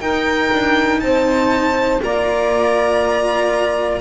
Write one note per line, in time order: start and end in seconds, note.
0.00 2.00 D#4
0.00 0.50 D#4
0.00 1.00 A#4
0.00 1.00 G5
0.52 1.01 D4
1.00 2.01 C4
1.00 2.03 C5
1.00 2.00 A5
2.02 4.00 A#3
2.02 4.00 F4
2.02 4.00 D5
2.02 4.00 A#5